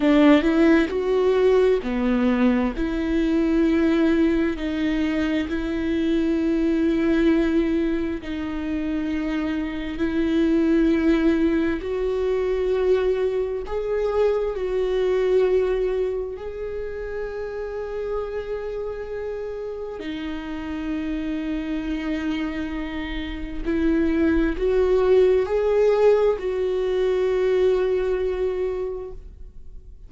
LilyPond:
\new Staff \with { instrumentName = "viola" } { \time 4/4 \tempo 4 = 66 d'8 e'8 fis'4 b4 e'4~ | e'4 dis'4 e'2~ | e'4 dis'2 e'4~ | e'4 fis'2 gis'4 |
fis'2 gis'2~ | gis'2 dis'2~ | dis'2 e'4 fis'4 | gis'4 fis'2. | }